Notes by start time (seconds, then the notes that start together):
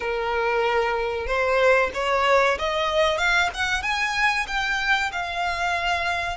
0.00 A#4
1.26 C5
1.94 C#5
2.59 D#5
3.17 F5
3.53 F#5
3.82 G#5
4.47 G5
5.12 F5